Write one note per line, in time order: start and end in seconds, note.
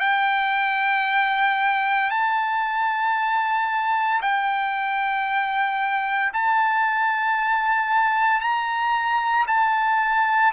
0.00 2.10 G5
2.10 4.21 A5
4.22 6.32 G5
6.33 8.41 A5
8.41 9.46 A#5
9.47 10.53 A5